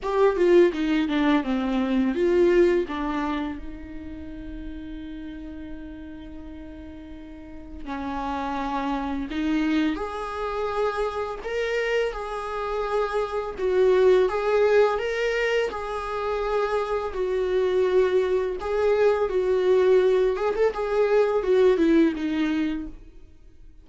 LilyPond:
\new Staff \with { instrumentName = "viola" } { \time 4/4 \tempo 4 = 84 g'8 f'8 dis'8 d'8 c'4 f'4 | d'4 dis'2.~ | dis'2. cis'4~ | cis'4 dis'4 gis'2 |
ais'4 gis'2 fis'4 | gis'4 ais'4 gis'2 | fis'2 gis'4 fis'4~ | fis'8 gis'16 a'16 gis'4 fis'8 e'8 dis'4 | }